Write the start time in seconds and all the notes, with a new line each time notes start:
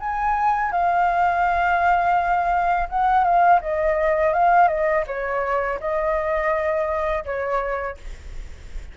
0.00 G#5
0.72 F5
2.90 F#5
3.24 F5
3.61 D#5
4.34 F5
4.69 D#5
5.07 C#5
5.80 D#5
7.25 C#5